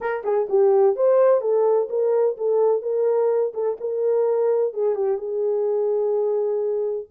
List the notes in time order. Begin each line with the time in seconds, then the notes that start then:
0.00 A#4
0.24 G#4
0.49 G4
0.96 C5
1.41 A4
1.89 A#4
2.37 A4
2.82 A#4
3.53 A4
3.80 A#4
4.73 G#4
4.95 G4
5.17 G#4